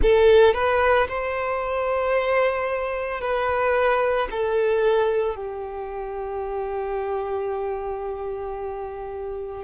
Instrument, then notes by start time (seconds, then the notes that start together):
violin
0.02 A4
0.54 B4
1.08 C5
3.20 B4
4.31 A4
5.35 G4